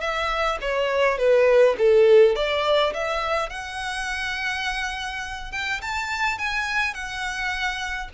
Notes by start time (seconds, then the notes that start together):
0.00 E5
0.61 C#5
1.18 B4
1.78 A4
2.35 D5
2.93 E5
3.49 F#5
5.51 G5
5.81 A5
6.38 G#5
6.94 F#5